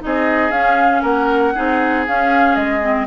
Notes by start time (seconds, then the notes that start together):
0.00 C4 D#4 G#4 D#5
0.50 C#4 F5
1.02 A#3 A#4 F#5
1.55 C4 D#4 G#4
2.06 C#4 F5
2.55 G#3 D#5
2.81 C4